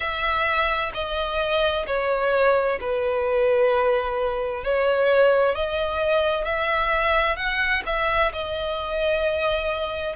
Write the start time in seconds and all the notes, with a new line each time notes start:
0.00 E5
0.94 D#5
1.86 C#5
2.80 B4
4.64 C#5
5.55 D#5
6.44 E5
7.36 F#5
7.85 E5
8.32 D#5